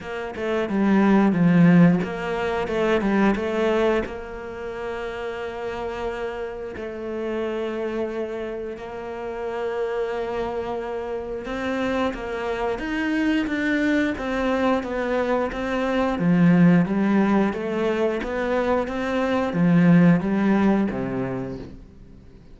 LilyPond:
\new Staff \with { instrumentName = "cello" } { \time 4/4 \tempo 4 = 89 ais8 a8 g4 f4 ais4 | a8 g8 a4 ais2~ | ais2 a2~ | a4 ais2.~ |
ais4 c'4 ais4 dis'4 | d'4 c'4 b4 c'4 | f4 g4 a4 b4 | c'4 f4 g4 c4 | }